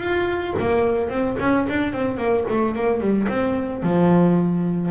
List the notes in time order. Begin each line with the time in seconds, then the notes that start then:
0.00 F4
0.59 A#3
1.10 C4
1.40 C#4
1.70 D4
1.93 C4
2.18 A#3
2.49 A3
2.75 A#3
3.01 G3
3.29 C4
3.83 F3